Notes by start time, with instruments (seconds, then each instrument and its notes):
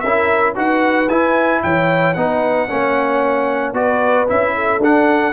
0.00 tuba C#4, horn A#4, trumpet E5
0.06 trombone E4
0.55 tuba D#4, trombone F#4, horn B4, trumpet F#5
1.09 tuba E4, trombone E4, trumpet G#5
1.63 tuba E3, horn C#5, trumpet G5
2.14 tuba B3, trombone D#4, horn B4, trumpet F#5
2.69 tuba A#3, trombone C#4, horn C#5
3.73 tuba B3, trombone F#4, horn B4, trumpet D5
4.28 tuba C#4, trombone E4, trumpet E5
4.55 horn A4
4.79 tuba D4, trombone D4, trumpet F#5